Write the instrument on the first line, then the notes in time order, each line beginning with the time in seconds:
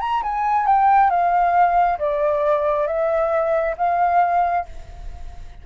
flute
0.00 A#5
0.22 G#5
0.66 G5
1.10 F5
1.99 D5
2.87 E5
3.77 F5